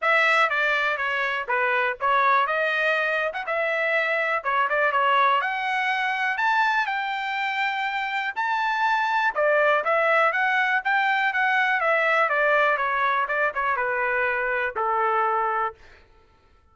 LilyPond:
\new Staff \with { instrumentName = "trumpet" } { \time 4/4 \tempo 4 = 122 e''4 d''4 cis''4 b'4 | cis''4 dis''4.~ dis''16 fis''16 e''4~ | e''4 cis''8 d''8 cis''4 fis''4~ | fis''4 a''4 g''2~ |
g''4 a''2 d''4 | e''4 fis''4 g''4 fis''4 | e''4 d''4 cis''4 d''8 cis''8 | b'2 a'2 | }